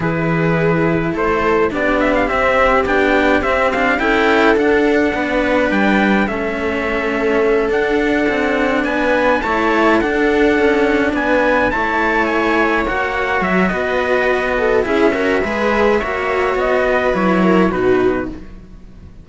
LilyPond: <<
  \new Staff \with { instrumentName = "trumpet" } { \time 4/4 \tempo 4 = 105 b'2 c''4 d''8 e''16 f''16 | e''4 g''4 e''8 f''8 g''4 | fis''2 g''4 e''4~ | e''4. fis''2 gis''8~ |
gis''8 a''4 fis''2 gis''8~ | gis''8 a''4 gis''4 fis''4 e''8 | dis''2 e''2~ | e''4 dis''4 cis''4 b'4 | }
  \new Staff \with { instrumentName = "viola" } { \time 4/4 gis'2 a'4 g'4~ | g'2. a'4~ | a'4 b'2 a'4~ | a'2.~ a'8 b'8~ |
b'8 cis''4 a'2 b'8~ | b'8 cis''2.~ cis''8 | b'4. a'8 gis'8 ais'8 b'4 | cis''4. b'4 ais'8 fis'4 | }
  \new Staff \with { instrumentName = "cello" } { \time 4/4 e'2. d'4 | c'4 d'4 c'8 d'8 e'4 | d'2. cis'4~ | cis'4. d'2~ d'8~ |
d'8 e'4 d'2~ d'8~ | d'8 e'2 fis'4.~ | fis'2 e'8 fis'8 gis'4 | fis'2 e'4 dis'4 | }
  \new Staff \with { instrumentName = "cello" } { \time 4/4 e2 a4 b4 | c'4 b4 c'4 cis'4 | d'4 b4 g4 a4~ | a4. d'4 c'4 b8~ |
b8 a4 d'4 cis'4 b8~ | b8 a2 ais4 fis8 | b2 cis'4 gis4 | ais4 b4 fis4 b,4 | }
>>